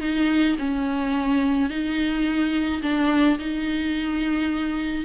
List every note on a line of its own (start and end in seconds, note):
0.00 0.56 D#4
0.58 1.69 C#4
1.69 2.81 D#4
2.82 3.38 D4
3.38 5.05 D#4